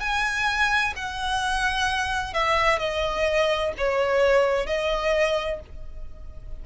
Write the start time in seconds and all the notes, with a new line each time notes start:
0.00 G#5
0.96 F#5
2.34 E5
2.79 D#5
3.78 C#5
4.67 D#5